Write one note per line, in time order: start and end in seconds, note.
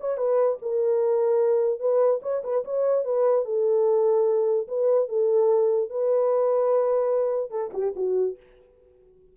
0.00 0.17 C#5
0.17 0.58 B4
0.62 1.80 A#4
1.80 2.21 B4
2.22 2.42 C#5
2.44 2.64 B4
2.64 3.04 C#5
3.04 3.45 B4
3.45 4.67 A4
4.68 5.09 B4
5.09 5.89 A4
5.89 7.51 B4
7.51 7.71 A4
7.73 7.94 G4
7.96 8.37 F#4